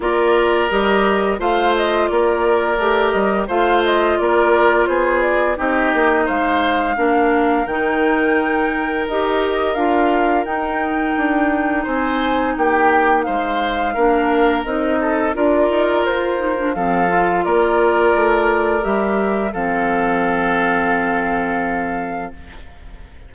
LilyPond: <<
  \new Staff \with { instrumentName = "flute" } { \time 4/4 \tempo 4 = 86 d''4 dis''4 f''8 dis''8 d''4~ | d''8 dis''8 f''8 dis''8 d''4 c''8 d''8 | dis''4 f''2 g''4~ | g''4 dis''4 f''4 g''4~ |
g''4 gis''4 g''4 f''4~ | f''4 dis''4 d''4 c''4 | f''4 d''2 e''4 | f''1 | }
  \new Staff \with { instrumentName = "oboe" } { \time 4/4 ais'2 c''4 ais'4~ | ais'4 c''4 ais'4 gis'4 | g'4 c''4 ais'2~ | ais'1~ |
ais'4 c''4 g'4 c''4 | ais'4. a'8 ais'2 | a'4 ais'2. | a'1 | }
  \new Staff \with { instrumentName = "clarinet" } { \time 4/4 f'4 g'4 f'2 | g'4 f'2. | dis'2 d'4 dis'4~ | dis'4 g'4 f'4 dis'4~ |
dis'1 | d'4 dis'4 f'4. dis'16 d'16 | c'8 f'2~ f'8 g'4 | c'1 | }
  \new Staff \with { instrumentName = "bassoon" } { \time 4/4 ais4 g4 a4 ais4 | a8 g8 a4 ais4 b4 | c'8 ais8 gis4 ais4 dis4~ | dis4 dis'4 d'4 dis'4 |
d'4 c'4 ais4 gis4 | ais4 c'4 d'8 dis'8 f'4 | f4 ais4 a4 g4 | f1 | }
>>